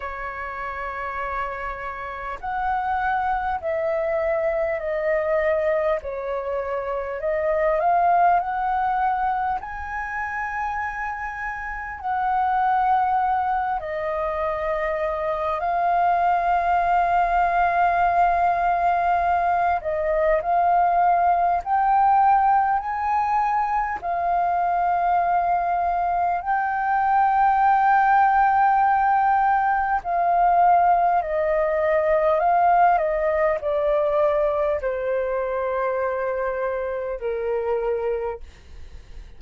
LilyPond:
\new Staff \with { instrumentName = "flute" } { \time 4/4 \tempo 4 = 50 cis''2 fis''4 e''4 | dis''4 cis''4 dis''8 f''8 fis''4 | gis''2 fis''4. dis''8~ | dis''4 f''2.~ |
f''8 dis''8 f''4 g''4 gis''4 | f''2 g''2~ | g''4 f''4 dis''4 f''8 dis''8 | d''4 c''2 ais'4 | }